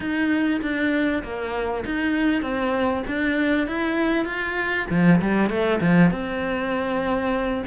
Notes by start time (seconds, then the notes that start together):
0.00 D#4
0.61 D4
1.23 A#3
1.85 D#4
2.42 C4
3.07 D4
3.67 E4
4.25 F4
4.90 F3
5.21 G3
5.49 A3
5.80 F3
6.10 C4